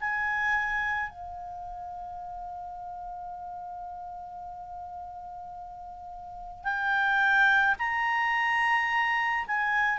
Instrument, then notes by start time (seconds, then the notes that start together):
clarinet
0.00 G#5
1.10 F5
6.64 G5
7.79 A#5
9.47 G#5